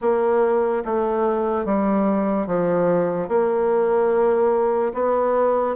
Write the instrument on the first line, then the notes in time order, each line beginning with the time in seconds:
bassoon
0.01 A#3
0.84 A3
1.65 G3
2.47 F3
3.28 A#3
4.93 B3